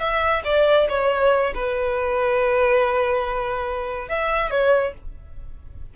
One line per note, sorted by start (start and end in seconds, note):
0.00 0.43 E5
0.44 0.87 D5
0.89 1.53 C#5
1.55 4.09 B4
4.09 4.51 E5
4.51 4.94 C#5